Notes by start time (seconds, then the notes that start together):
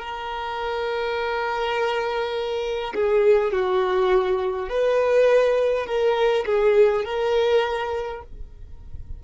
0.00 A#4
2.95 G#4
3.52 F#4
4.70 B4
5.87 A#4
6.46 G#4
7.05 A#4